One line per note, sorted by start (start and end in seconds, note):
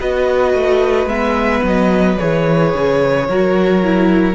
0.00 0.54 B3
0.00 1.08 F#4
0.00 3.27 B4
0.00 1.08 D#5
0.54 1.06 A3
1.06 1.60 G#3
1.06 2.17 B3
1.06 1.63 E5
1.63 2.17 F#3
1.63 2.18 D#5
2.18 2.74 E3
2.18 3.28 G#4
2.18 4.35 C#5
2.74 3.28 C#3
3.28 4.35 F#3
3.28 3.84 F#4
3.28 4.35 A#4
3.84 4.35 E4